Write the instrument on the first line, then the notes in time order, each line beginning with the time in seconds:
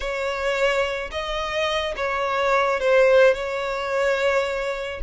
violin
0.00 C#5
1.11 D#5
1.96 C#5
2.80 C5
3.34 C#5